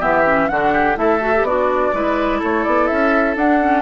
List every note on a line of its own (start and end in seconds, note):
0.00 0.50 E3
0.00 0.24 B3
0.00 0.48 G4
0.00 0.49 E5
0.26 0.50 C#4
0.49 0.97 D3
0.49 0.95 D4
0.49 0.73 F#4
0.49 0.97 F#5
0.73 0.97 G4
0.95 1.42 A3
0.95 1.19 E4
0.95 1.47 A4
0.95 1.45 E5
1.21 1.33 F#4
1.35 1.47 G4
1.42 1.90 B3
1.42 1.95 D4
1.42 1.94 F#4
1.42 2.41 D5
1.94 2.42 G#3
1.94 3.38 E4
1.94 2.39 B4
2.39 2.66 A3
2.39 3.82 A4
2.39 2.64 C#5
2.64 2.90 B3
2.64 2.87 D5
2.87 3.36 C#4
2.87 3.35 E5
3.36 3.82 D4
3.36 3.60 D4
3.36 3.82 F#5
3.60 3.82 C#4